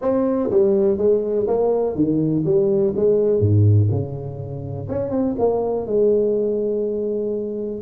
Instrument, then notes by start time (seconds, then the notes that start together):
tuba
0.01 C4
0.50 G3
0.97 G#3
1.47 A#3
1.95 D#3
2.45 G3
2.96 G#3
3.39 G#2
3.90 C#3
4.88 C#4
5.10 C4
5.38 A#3
5.86 G#3